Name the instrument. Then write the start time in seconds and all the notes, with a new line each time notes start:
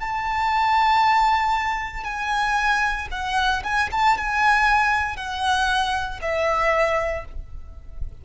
violin
0.00 A5
2.04 G#5
3.11 F#5
3.63 G#5
3.91 A5
4.18 G#5
5.16 F#5
6.21 E5